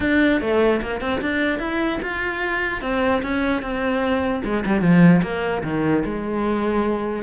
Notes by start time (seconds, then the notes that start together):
0.00 D4
0.40 A3
0.81 A#3
1.00 C4
1.21 D4
1.59 E4
2.02 F4
2.81 C4
3.22 C#4
3.61 C4
4.44 G#3
4.65 G3
4.81 F3
5.22 A#3
5.63 D#3
6.05 G#3